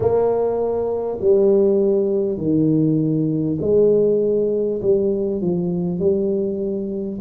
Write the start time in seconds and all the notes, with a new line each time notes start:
0.00 A#3
1.21 G3
2.37 D#3
3.61 G#3
4.81 G3
5.41 F3
5.99 G3